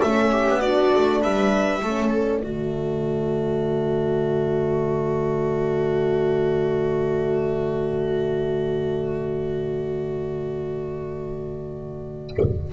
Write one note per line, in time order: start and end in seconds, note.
0.00 0.48 A3
0.00 0.62 C#4
0.00 0.30 A4
0.00 0.61 E5
0.32 0.61 G4
0.48 0.94 B3
0.61 1.83 D4
0.61 1.21 F#4
0.61 1.21 D5
0.94 1.24 A3
1.21 1.83 G3
1.21 1.82 B4
1.21 2.12 E5
1.82 2.44 A3
1.82 2.44 C#4
1.82 2.43 A4
2.12 12.73 D5
2.43 12.74 D3
2.43 12.74 A3
2.43 12.73 F#4